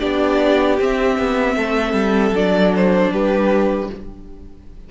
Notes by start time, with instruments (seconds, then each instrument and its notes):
0.00 cello B3, viola D4, violin G4 D5
0.80 viola C4, cello C4, violin E5
1.19 cello B3
1.57 cello A3, violin A4
1.93 cello G3
2.31 cello F#3, viola D4, violin D5
2.76 violin C5
3.12 cello G3, violin G4 B4